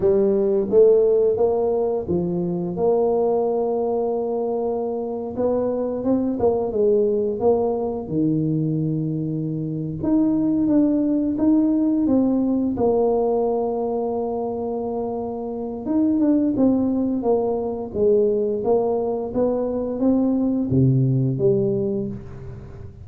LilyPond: \new Staff \with { instrumentName = "tuba" } { \time 4/4 \tempo 4 = 87 g4 a4 ais4 f4 | ais2.~ ais8. b16~ | b8. c'8 ais8 gis4 ais4 dis16~ | dis2~ dis8 dis'4 d'8~ |
d'8 dis'4 c'4 ais4.~ | ais2. dis'8 d'8 | c'4 ais4 gis4 ais4 | b4 c'4 c4 g4 | }